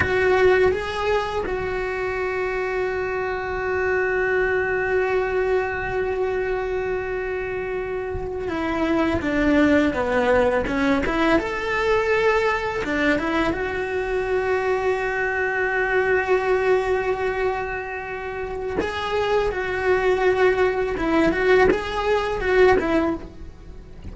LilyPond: \new Staff \with { instrumentName = "cello" } { \time 4/4 \tempo 4 = 83 fis'4 gis'4 fis'2~ | fis'1~ | fis'2.~ fis'8. e'16~ | e'8. d'4 b4 cis'8 e'8 a'16~ |
a'4.~ a'16 d'8 e'8 fis'4~ fis'16~ | fis'1~ | fis'2 gis'4 fis'4~ | fis'4 e'8 fis'8 gis'4 fis'8 e'8 | }